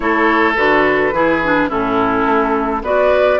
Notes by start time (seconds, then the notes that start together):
0.00 A3 E4 A4 C#5
0.56 D3 F#4 B4
1.12 E3 E4 G#4
1.43 D4
1.69 A2 C#4 E4 A4
2.25 A3
2.82 B3 F#4 B4 D5